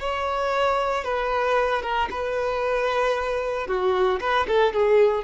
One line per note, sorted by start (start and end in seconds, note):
0.00 1.04 C#5
1.04 1.82 B4
1.82 2.08 A#4
2.11 3.67 B4
3.67 4.20 F#4
4.20 4.46 B4
4.47 4.73 A4
4.73 5.24 G#4